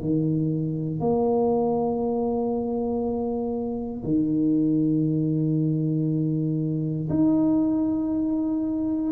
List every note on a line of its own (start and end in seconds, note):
0.00 0.99 D#3
0.99 4.04 A#3
4.04 7.09 D#3
7.10 9.12 D#4